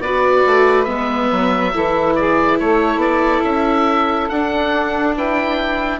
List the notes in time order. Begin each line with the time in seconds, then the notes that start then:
0.00 B3 F#4 B4 D5
0.47 A3
0.85 G#3 B3 E5
1.31 F#3
1.74 E3 E4 A4
2.16 G#4 D5
2.59 A3 A4 C#5
2.97 B3 D5
3.44 C#4 E5
4.29 D4 F#5
5.16 E4 B4 G5